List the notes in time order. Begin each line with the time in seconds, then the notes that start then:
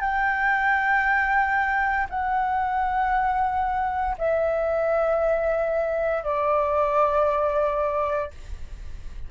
0.00 G5
2.09 F#5
4.18 E5
6.24 D5